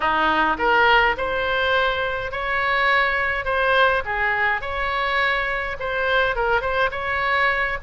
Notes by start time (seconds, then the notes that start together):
0.00 D#4
0.58 A#4
1.17 C5
2.31 C#5
3.45 C5
4.05 G#4
4.61 C#5
5.79 C5
6.35 A#4
6.61 C5
6.91 C#5